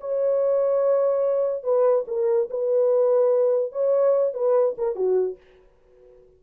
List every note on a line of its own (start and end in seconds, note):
0.00 1.63 C#5
1.63 2.05 B4
2.07 2.49 A#4
2.50 3.72 B4
3.72 4.34 C#5
4.34 4.75 B4
4.77 4.95 A#4
4.95 5.37 F#4